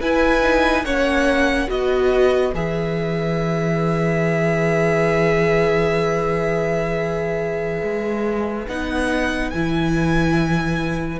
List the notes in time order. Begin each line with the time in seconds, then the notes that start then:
0.00 E4 B4 G#5
0.43 D#4
0.84 A#3 C#4 C#5 F#5
1.68 B3 F#4 B4 D#5
2.54 E3 G#4 E5
7.83 G#3
8.68 B3 D#4 F#5
9.50 E3 E4 G#5